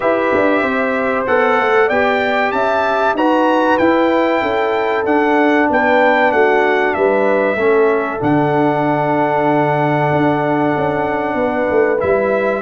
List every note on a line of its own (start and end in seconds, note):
0.00 0.33 E4
0.00 1.26 G4
0.00 0.61 B4
0.00 1.25 E5
0.35 0.62 D4
0.61 1.25 C4
0.61 1.87 C5
1.26 1.59 B3
1.26 1.90 A4
1.26 1.89 F#5
1.59 1.90 A3
1.87 2.52 B3
1.87 3.17 G4
1.87 2.50 D5
1.87 2.51 G5
2.51 3.14 C#4
2.51 3.17 E5
2.51 3.14 A5
3.14 3.77 D#4
3.14 3.80 F#4
3.14 4.41 B4
3.14 3.77 A#5
3.77 4.42 E4
3.77 5.04 E4
3.77 5.04 G5
4.41 5.05 C#4
4.41 5.68 A4
5.04 7.57 D4
5.04 5.68 D4
5.04 5.68 F#5
5.70 6.31 B3
5.70 6.33 B4
5.70 6.32 G5
6.31 6.95 A3
6.31 6.96 F#4
6.31 6.94 F#5
6.94 7.55 G3
6.94 7.56 B4
6.94 8.20 E5
7.55 8.18 A3
7.55 8.19 C#4
7.55 11.35 A4
8.19 10.11 D3
8.19 11.98 D4
8.19 12.00 F#5
10.12 10.75 D4
10.76 11.34 C#4
11.34 11.65 B3
11.34 12.61 B4
11.70 12.02 A3
11.99 12.61 G3
11.99 12.61 E4
11.99 12.61 E5